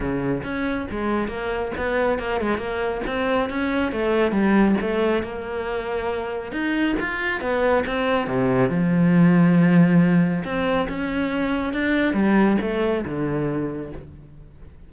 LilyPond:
\new Staff \with { instrumentName = "cello" } { \time 4/4 \tempo 4 = 138 cis4 cis'4 gis4 ais4 | b4 ais8 gis8 ais4 c'4 | cis'4 a4 g4 a4 | ais2. dis'4 |
f'4 b4 c'4 c4 | f1 | c'4 cis'2 d'4 | g4 a4 d2 | }